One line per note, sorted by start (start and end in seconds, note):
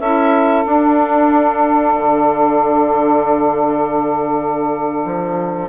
0.00 0.65 C#4
0.00 0.65 E4
0.00 5.69 A4
0.00 0.65 E5
0.65 5.69 D4
0.65 1.97 D4
0.65 5.69 F5
1.98 5.05 D3
5.05 5.69 F3